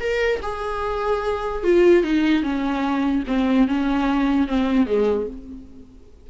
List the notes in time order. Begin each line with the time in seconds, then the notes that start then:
0.00 A#4
0.43 G#4
1.64 F4
2.04 D#4
2.43 C#4
3.28 C4
3.68 C#4
4.48 C4
4.87 G#3